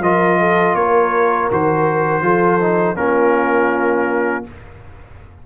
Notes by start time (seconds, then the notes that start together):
0.00 F3 F4 A#4 D#5
0.40 A4
0.75 A#3 A#4 C#5
1.51 D#3 F#4 C5
2.22 F3 F4 A4
2.60 D#4
2.96 A#3 C#4 F4 A#4